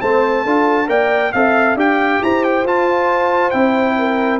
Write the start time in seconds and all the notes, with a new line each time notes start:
0.00 A3 C4 C5 A5
0.43 D4 F4 A4
0.86 A#3 A#4 D5 G5
1.32 C4 A4 E5 F5
1.74 D4 G4 F5 G5
2.22 E4 C5 A#5
2.43 G5
2.63 F4 A5
3.50 C4 E4 G5
3.98 A#4